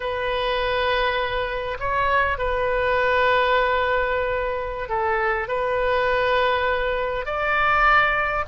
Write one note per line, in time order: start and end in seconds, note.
0.00 1.77 B4
1.79 2.38 C#5
2.38 4.88 B4
4.88 5.48 A4
5.48 7.25 B4
7.25 8.44 D5